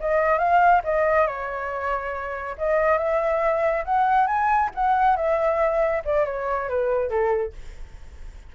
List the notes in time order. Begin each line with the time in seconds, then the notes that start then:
0.00 D#5
0.39 F5
0.84 D#5
1.27 C#5
2.58 D#5
2.98 E5
3.85 F#5
4.27 G#5
4.75 F#5
5.16 E5
6.05 D5
6.26 C#5
6.69 B4
7.10 A4